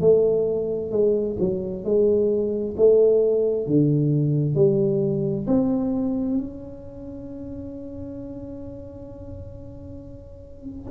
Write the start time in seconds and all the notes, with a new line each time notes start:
0.00 A3
0.91 G#3
1.39 F#3
1.84 G#3
2.76 A3
3.66 D3
4.55 G3
5.47 C4
6.37 C#4